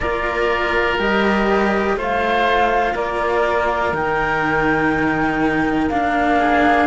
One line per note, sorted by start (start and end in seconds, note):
0.00 0.98 A#3
0.00 0.99 F4
0.00 1.95 A#4
0.00 0.97 D5
0.98 1.95 G3
0.98 1.97 G4
0.98 1.98 D#5
1.95 2.94 A3
1.95 3.93 F4
1.95 2.94 C5
2.01 2.96 F5
2.94 3.92 A#3
2.94 6.39 A#4
2.94 3.94 D5
3.92 5.89 D#3
3.92 5.90 D#4
3.92 5.89 G5
5.89 6.87 A#3
5.89 6.87 D4
5.89 6.87 F5
6.39 6.87 G#4